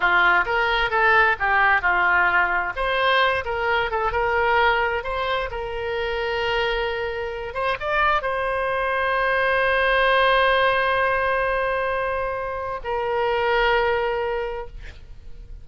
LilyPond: \new Staff \with { instrumentName = "oboe" } { \time 4/4 \tempo 4 = 131 f'4 ais'4 a'4 g'4 | f'2 c''4. ais'8~ | ais'8 a'8 ais'2 c''4 | ais'1~ |
ais'8 c''8 d''4 c''2~ | c''1~ | c''1 | ais'1 | }